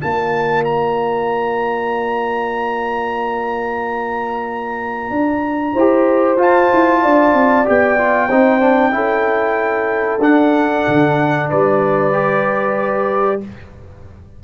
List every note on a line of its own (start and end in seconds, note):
0.00 5.11 A#3
0.00 5.74 F4
0.00 5.74 D5
0.00 0.64 A5
0.64 6.39 A#5
5.11 5.74 D4
5.74 6.37 E4
5.74 6.38 G4
5.74 7.02 C5
6.37 6.69 F4
6.37 7.66 F4
6.37 7.69 A5
6.74 7.05 E4
7.03 7.34 D4
7.03 8.28 D5
7.34 7.66 C4
7.66 8.31 B3
7.66 7.98 G4
7.66 10.23 G5
7.98 8.30 F4
8.28 8.94 C4
8.28 8.61 D#4
8.28 8.92 C5
8.61 8.92 D4
8.92 10.20 C#4
8.92 10.20 E4
8.92 11.49 A4
10.20 10.84 D4
10.20 12.13 D4
10.20 11.51 F#5
10.88 11.52 D3
11.49 13.44 G3
11.49 13.41 B4
11.49 13.42 D5
12.13 13.41 G4